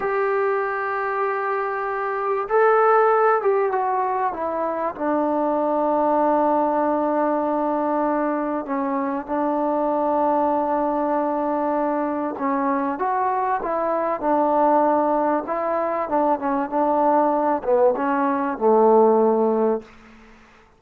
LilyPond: \new Staff \with { instrumentName = "trombone" } { \time 4/4 \tempo 4 = 97 g'1 | a'4. g'8 fis'4 e'4 | d'1~ | d'2 cis'4 d'4~ |
d'1 | cis'4 fis'4 e'4 d'4~ | d'4 e'4 d'8 cis'8 d'4~ | d'8 b8 cis'4 a2 | }